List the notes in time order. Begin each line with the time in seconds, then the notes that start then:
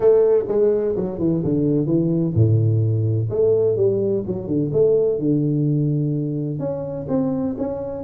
0.00 A3
0.48 G#3
0.96 F#3
1.19 E3
1.44 D3
1.86 E3
2.34 A2
3.30 A3
3.76 G3
4.26 F#3
4.47 D3
4.72 A3
5.18 D3
6.59 C#4
7.08 C4
7.58 C#4